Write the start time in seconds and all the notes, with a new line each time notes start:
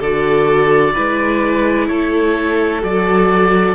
0.00 D3 F#4 A4 D5
0.94 G#3 E4 B4
1.88 A3 A4 C#5
2.81 F#3 F#4 D5